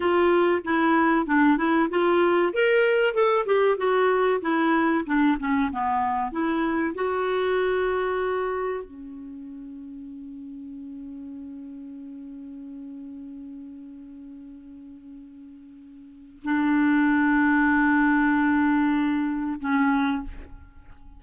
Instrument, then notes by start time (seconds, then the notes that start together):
clarinet
0.00 F4
0.64 E4
1.26 D4
1.57 E4
1.89 F4
2.53 A#4
3.14 A4
3.46 G4
3.77 F#4
4.41 E4
5.06 D4
5.39 C#4
5.72 B3
6.31 E4
6.94 F#4
8.84 C#4
16.44 D4
19.60 C#4